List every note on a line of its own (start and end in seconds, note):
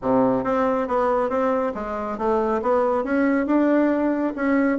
0.01 0.43 C3
0.43 0.87 C4
0.87 1.29 B3
1.29 1.73 C4
1.74 2.17 G#3
2.17 2.61 A3
2.61 3.04 B3
3.04 3.46 C#4
3.46 4.33 D4
4.35 4.78 C#4